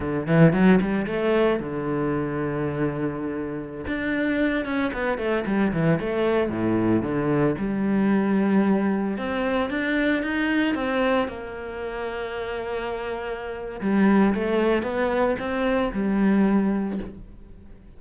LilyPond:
\new Staff \with { instrumentName = "cello" } { \time 4/4 \tempo 4 = 113 d8 e8 fis8 g8 a4 d4~ | d2.~ d16 d'8.~ | d'8. cis'8 b8 a8 g8 e8 a8.~ | a16 a,4 d4 g4.~ g16~ |
g4~ g16 c'4 d'4 dis'8.~ | dis'16 c'4 ais2~ ais8.~ | ais2 g4 a4 | b4 c'4 g2 | }